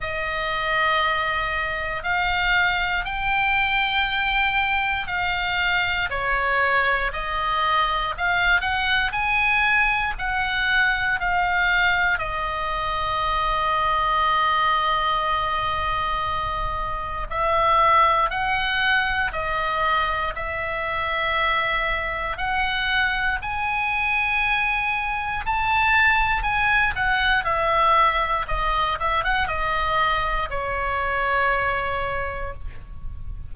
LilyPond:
\new Staff \with { instrumentName = "oboe" } { \time 4/4 \tempo 4 = 59 dis''2 f''4 g''4~ | g''4 f''4 cis''4 dis''4 | f''8 fis''8 gis''4 fis''4 f''4 | dis''1~ |
dis''4 e''4 fis''4 dis''4 | e''2 fis''4 gis''4~ | gis''4 a''4 gis''8 fis''8 e''4 | dis''8 e''16 fis''16 dis''4 cis''2 | }